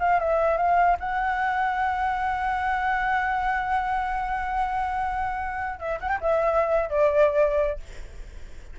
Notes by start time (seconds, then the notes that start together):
0.00 F5
0.20 E5
0.58 F5
1.00 F#5
5.80 E5
6.01 F#5
6.09 G5
6.21 E5
6.90 D5